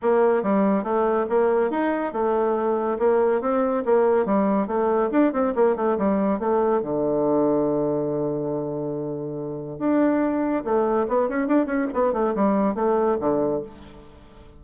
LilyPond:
\new Staff \with { instrumentName = "bassoon" } { \time 4/4 \tempo 4 = 141 ais4 g4 a4 ais4 | dis'4 a2 ais4 | c'4 ais4 g4 a4 | d'8 c'8 ais8 a8 g4 a4 |
d1~ | d2. d'4~ | d'4 a4 b8 cis'8 d'8 cis'8 | b8 a8 g4 a4 d4 | }